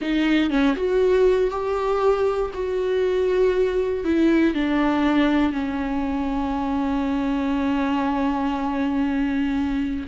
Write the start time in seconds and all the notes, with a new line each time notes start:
0.01 D#4
0.50 C#4
0.76 F#4
1.50 G4
2.53 F#4
4.04 E4
4.54 D4
5.52 C#4